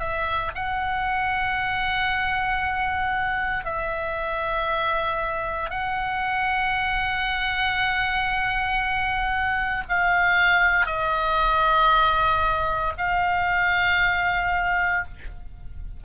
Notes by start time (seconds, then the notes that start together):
0.00 E5
0.55 F#5
3.65 E5
5.70 F#5
9.89 F5
10.87 D#5
12.98 F5